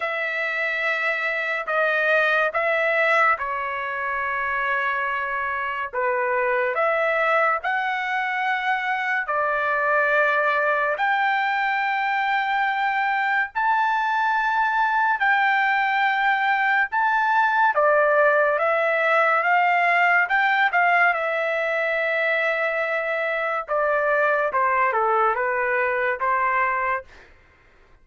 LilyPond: \new Staff \with { instrumentName = "trumpet" } { \time 4/4 \tempo 4 = 71 e''2 dis''4 e''4 | cis''2. b'4 | e''4 fis''2 d''4~ | d''4 g''2. |
a''2 g''2 | a''4 d''4 e''4 f''4 | g''8 f''8 e''2. | d''4 c''8 a'8 b'4 c''4 | }